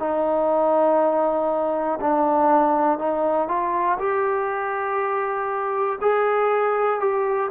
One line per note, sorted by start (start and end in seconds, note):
0.00 2.00 D#4
2.01 2.99 D4
2.99 3.49 D#4
3.49 3.99 F4
4.00 6.00 G4
6.02 7.01 G#4
7.01 7.51 G4